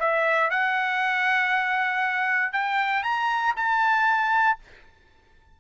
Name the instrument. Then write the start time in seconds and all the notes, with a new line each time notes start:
trumpet
0.00 E5
0.51 F#5
2.53 G5
3.03 A#5
3.56 A5